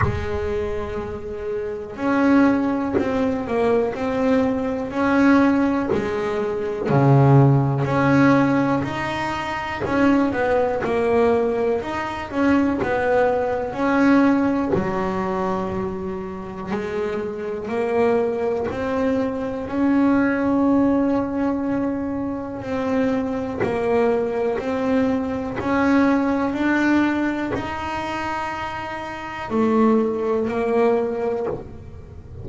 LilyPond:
\new Staff \with { instrumentName = "double bass" } { \time 4/4 \tempo 4 = 61 gis2 cis'4 c'8 ais8 | c'4 cis'4 gis4 cis4 | cis'4 dis'4 cis'8 b8 ais4 | dis'8 cis'8 b4 cis'4 fis4~ |
fis4 gis4 ais4 c'4 | cis'2. c'4 | ais4 c'4 cis'4 d'4 | dis'2 a4 ais4 | }